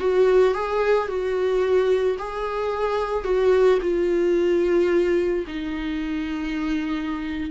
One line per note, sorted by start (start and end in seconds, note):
0.00 0.54 F#4
0.54 1.08 G#4
1.08 2.17 F#4
2.19 3.24 G#4
3.24 3.79 F#4
3.82 5.46 F4
5.47 7.51 D#4